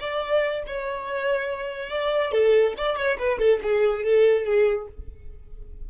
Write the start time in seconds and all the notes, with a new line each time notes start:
0.00 D5
0.67 C#5
1.90 D5
2.32 A4
2.78 D5
2.97 C#5
3.19 B4
3.39 A4
3.63 G#4
4.03 A4
4.45 G#4